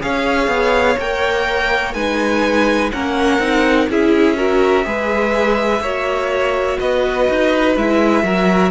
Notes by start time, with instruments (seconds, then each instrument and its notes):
0.00 cello C#4, viola G#4, violin C#5 F5
0.48 cello B3
0.98 cello A#3, viola A#4, violin G5
1.94 cello G#3, viola D#4, violin B4 G#5
2.92 cello A#3, viola C#4, violin A#4 F#5
3.39 cello C4, viola D#4
3.89 cello C#4, viola E4, violin G#4 E5
4.37 viola F#4, violin A#4
4.84 cello G#3, viola G#4, violin B4
5.80 cello A#3, viola F#4, violin C#5
6.79 cello B3, violin B4 D#5
7.29 cello D#4
7.76 cello G#3, viola E4, violin E5
8.23 cello F#3, viola F#4, violin A#4